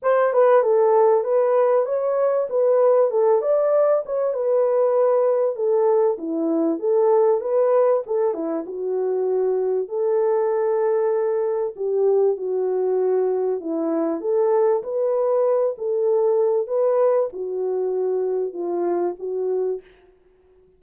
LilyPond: \new Staff \with { instrumentName = "horn" } { \time 4/4 \tempo 4 = 97 c''8 b'8 a'4 b'4 cis''4 | b'4 a'8 d''4 cis''8 b'4~ | b'4 a'4 e'4 a'4 | b'4 a'8 e'8 fis'2 |
a'2. g'4 | fis'2 e'4 a'4 | b'4. a'4. b'4 | fis'2 f'4 fis'4 | }